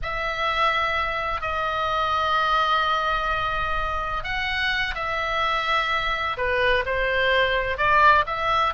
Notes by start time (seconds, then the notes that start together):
0.02 E5
1.41 D#5
4.23 F#5
4.95 E5
6.37 B4
6.85 C5
7.77 D5
8.26 E5